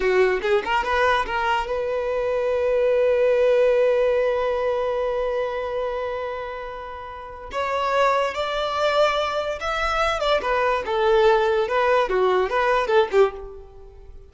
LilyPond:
\new Staff \with { instrumentName = "violin" } { \time 4/4 \tempo 4 = 144 fis'4 gis'8 ais'8 b'4 ais'4 | b'1~ | b'1~ | b'1~ |
b'2 cis''2 | d''2. e''4~ | e''8 d''8 b'4 a'2 | b'4 fis'4 b'4 a'8 g'8 | }